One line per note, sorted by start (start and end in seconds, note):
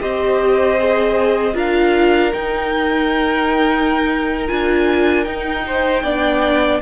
0.00 1.55 C4
0.00 0.78 G4
0.00 1.54 C5
0.00 1.57 D#5
0.78 1.54 G#4
1.54 2.32 D4
1.54 2.31 F4
1.54 5.63 A#4
1.54 2.33 F5
2.33 4.47 D#4
2.33 4.49 D#4
2.33 4.47 G5
4.47 5.26 D4
4.47 5.25 F4
4.47 5.24 G#5
5.24 6.03 D#4
5.24 6.04 D#4
5.24 6.80 G5
5.67 6.03 C5
6.03 6.81 B3
6.03 6.81 D4
6.03 6.81 D5